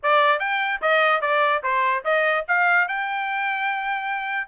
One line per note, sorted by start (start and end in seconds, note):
0.03 0.39 D5
0.39 0.80 G5
0.81 1.21 D#5
1.21 1.62 D5
1.63 2.04 C5
2.04 2.45 D#5
2.48 2.88 F5
2.88 4.47 G5